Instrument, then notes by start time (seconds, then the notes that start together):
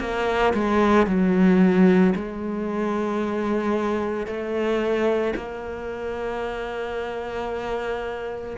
cello
0.00 A#3
0.54 G#3
1.07 F#3
2.15 G#3
4.27 A3
5.36 A#3